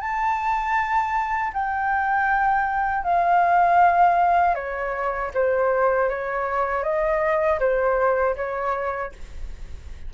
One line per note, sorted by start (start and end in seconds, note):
0.00 1.52 A5
1.53 3.03 G5
3.03 4.54 F5
4.54 5.30 C#5
5.34 6.09 C5
6.09 6.83 C#5
6.83 7.59 D#5
7.59 8.35 C5
8.36 9.12 C#5